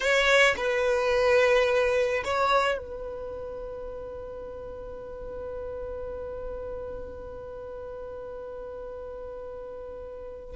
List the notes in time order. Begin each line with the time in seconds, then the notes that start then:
0.00 C#5
0.57 B4
2.24 C#5
2.78 B4